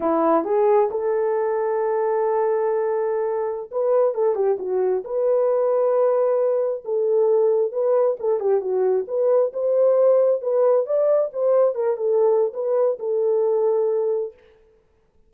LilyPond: \new Staff \with { instrumentName = "horn" } { \time 4/4 \tempo 4 = 134 e'4 gis'4 a'2~ | a'1~ | a'16 b'4 a'8 g'8 fis'4 b'8.~ | b'2.~ b'16 a'8.~ |
a'4~ a'16 b'4 a'8 g'8 fis'8.~ | fis'16 b'4 c''2 b'8.~ | b'16 d''4 c''4 ais'8 a'4~ a'16 | b'4 a'2. | }